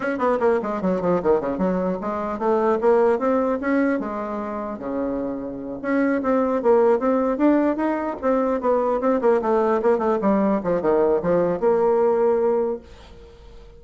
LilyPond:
\new Staff \with { instrumentName = "bassoon" } { \time 4/4 \tempo 4 = 150 cis'8 b8 ais8 gis8 fis8 f8 dis8 cis8 | fis4 gis4 a4 ais4 | c'4 cis'4 gis2 | cis2~ cis8 cis'4 c'8~ |
c'8 ais4 c'4 d'4 dis'8~ | dis'8 c'4 b4 c'8 ais8 a8~ | a8 ais8 a8 g4 f8 dis4 | f4 ais2. | }